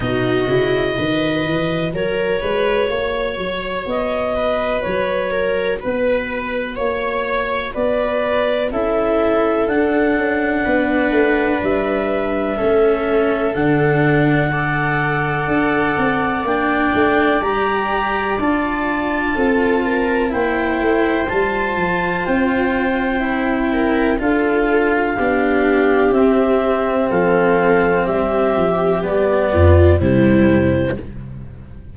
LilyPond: <<
  \new Staff \with { instrumentName = "clarinet" } { \time 4/4 \tempo 4 = 62 dis''2 cis''2 | dis''4 cis''4 b'4 cis''4 | d''4 e''4 fis''2 | e''2 fis''2~ |
fis''4 g''4 ais''4 a''4~ | a''4 g''4 a''4 g''4~ | g''4 f''2 e''4 | f''4 e''4 d''4 c''4 | }
  \new Staff \with { instrumentName = "viola" } { \time 4/4 fis'4 b'4 ais'8 b'8 cis''4~ | cis''8 b'4 ais'8 b'4 cis''4 | b'4 a'2 b'4~ | b'4 a'2 d''4~ |
d''1 | a'8 ais'8 c''2.~ | c''8 ais'8 a'4 g'2 | a'4 g'4. f'8 e'4 | }
  \new Staff \with { instrumentName = "cello" } { \time 4/4 dis'8 e'8 fis'2.~ | fis'1~ | fis'4 e'4 d'2~ | d'4 cis'4 d'4 a'4~ |
a'4 d'4 g'4 f'4~ | f'4 e'4 f'2 | e'4 f'4 d'4 c'4~ | c'2 b4 g4 | }
  \new Staff \with { instrumentName = "tuba" } { \time 4/4 b,8 cis8 dis8 e8 fis8 gis8 ais8 fis8 | b4 fis4 b4 ais4 | b4 cis'4 d'8 cis'8 b8 a8 | g4 a4 d2 |
d'8 c'8 ais8 a8 g4 d'4 | c'4 ais8 a8 g8 f8 c'4~ | c'4 d'4 b4 c'4 | f4 g8 f8 g8 f,8 c4 | }
>>